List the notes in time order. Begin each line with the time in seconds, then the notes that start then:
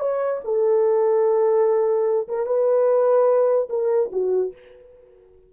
0.00 C#5
0.44 A4
2.28 A#4
2.46 B4
3.70 A#4
4.12 F#4